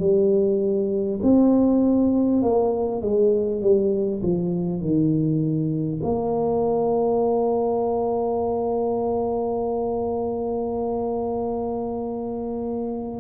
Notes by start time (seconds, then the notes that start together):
0.00 G3
1.23 C4
2.43 A#3
3.02 G#3
3.62 G3
4.23 F3
4.81 D#3
6.03 A#3